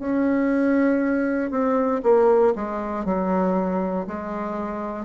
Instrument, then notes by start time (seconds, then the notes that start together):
bassoon
0.00 C#4
1.51 C4
2.03 A#3
2.56 G#3
3.05 F#3
4.07 G#3